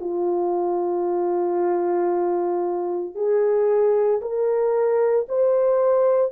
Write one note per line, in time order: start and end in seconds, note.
0.00 3.15 F4
3.15 4.21 G#4
4.22 5.27 A#4
5.29 6.32 C5